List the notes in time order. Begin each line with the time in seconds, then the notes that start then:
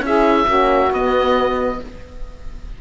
0.00 C#4 E4 G#4 E5
0.46 A#3 C#4 F#4
0.91 B3 D#5